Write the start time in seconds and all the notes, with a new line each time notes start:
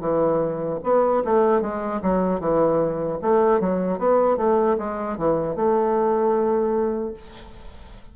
0.00 E3
0.84 B3
1.25 A3
1.61 G#3
2.02 F#3
2.40 E3
3.22 A3
3.60 F#3
3.99 B3
4.37 A3
4.78 G#3
5.17 E3
5.56 A3